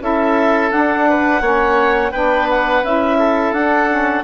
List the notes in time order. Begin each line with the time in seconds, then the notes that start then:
0.00 C#4 E4 A4 E5
0.71 D4 F#5
1.09 B4
1.41 A#3 C#4 C#5
2.11 B3 D4 B4 G5
2.49 F#5
2.83 C#4 E4 E5
3.18 A4
3.52 D4 F#5
3.89 C#4